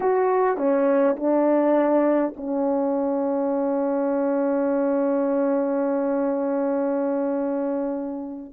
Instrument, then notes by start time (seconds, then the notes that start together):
horn
0.00 F#4
0.57 C#4
1.16 D4
2.36 C#4